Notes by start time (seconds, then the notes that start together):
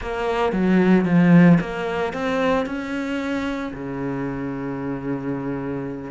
0.01 A#3
0.52 F#3
1.05 F3
1.60 A#3
2.13 C4
2.65 C#4
3.73 C#3